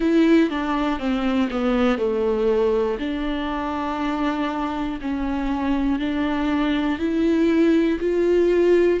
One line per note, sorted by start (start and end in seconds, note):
0.00 0.50 E4
0.50 0.99 D4
0.99 1.49 C4
1.50 1.97 B3
1.97 2.97 A3
2.99 4.99 D4
5.01 5.99 C#4
5.99 6.99 D4
6.99 7.99 E4
8.00 9.00 F4